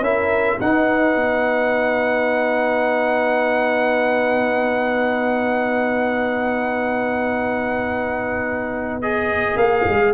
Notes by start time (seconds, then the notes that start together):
0.00 C#4 E4 A#4 E5
0.60 D#4 B4 F#5
1.15 B3
9.01 G#4 D#5
9.56 A#3 F5
9.88 G#3